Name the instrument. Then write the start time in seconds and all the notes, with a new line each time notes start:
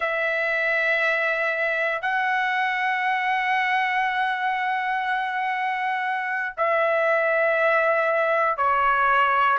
trumpet
0.00 E5
2.01 F#5
6.57 E5
8.57 C#5